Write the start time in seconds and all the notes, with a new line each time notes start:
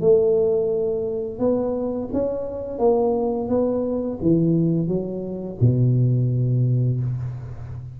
0.00 A3
1.39 B3
2.13 C#4
2.78 A#3
3.49 B3
4.21 E3
4.87 F#3
5.60 B2